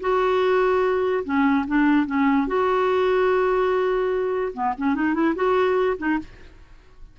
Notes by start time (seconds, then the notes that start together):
0.00 F#4
1.24 C#4
1.67 D4
2.06 C#4
2.47 F#4
4.53 B3
4.77 C#4
4.94 D#4
5.14 E4
5.35 F#4
5.98 D#4